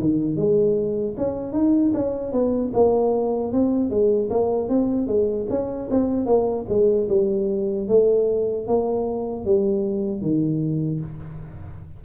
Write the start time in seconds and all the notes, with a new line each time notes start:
0.00 D#3
0.36 G#3
1.17 C#4
1.53 D#4
1.94 C#4
2.33 B3
2.73 A#3
3.53 C4
3.90 G#3
4.30 A#3
4.69 C4
5.07 G#3
5.50 C#4
5.91 C4
6.26 A#3
6.69 G#3
7.09 G3
7.88 A3
8.67 A#3
9.45 G3
10.22 D#3